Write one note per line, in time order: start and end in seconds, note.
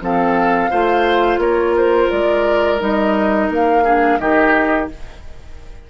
0.00 0.70 F3
0.00 0.70 C4
0.00 0.70 A4
0.00 1.40 F5
0.70 1.37 A3
0.70 2.78 F4
0.70 1.40 C5
1.37 2.07 A#3
1.37 3.84 A#4
1.37 1.74 C#5
1.76 2.10 C5
2.10 2.81 G#3
2.10 2.80 D5
2.78 3.49 G3
2.78 3.83 D#4
2.78 3.51 D#5
3.49 4.19 A#3
3.49 4.18 F5
3.84 4.19 D4
3.84 4.18 G#4
4.18 4.89 D#3
4.18 4.89 D#4
4.18 4.90 G4
4.18 4.88 D#5